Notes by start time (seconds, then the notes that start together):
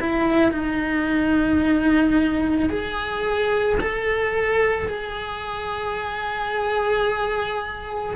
0.00 E4
0.52 D#4
2.69 G#4
3.80 A4
4.88 G#4